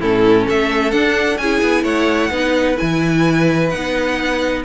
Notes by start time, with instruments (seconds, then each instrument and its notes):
0.00 cello A2, viola C#4, violin E4 A4
0.46 cello A3, violin A4 E5
0.91 viola D4, cello D4, violin F#5
1.38 cello C#4, viola E4, violin G#4 G#5
1.62 cello B3
1.83 cello A3, violin C#5 F#5
2.30 cello B3, viola D#4, violin B4
2.75 viola E4, violin G#5
2.82 cello E3
3.70 cello B3, viola D#4, violin F#5